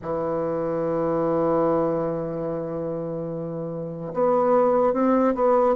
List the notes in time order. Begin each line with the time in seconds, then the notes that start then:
0.01 E3
4.13 B3
4.93 C4
5.34 B3